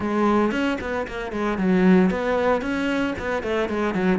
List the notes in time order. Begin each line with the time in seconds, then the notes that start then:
0.00 G#3
0.51 C#4
0.81 B3
1.07 A#3
1.32 G#3
1.58 F#3
2.10 B3
2.61 C#4
3.18 B3
3.43 A3
3.68 G#3
3.94 F#3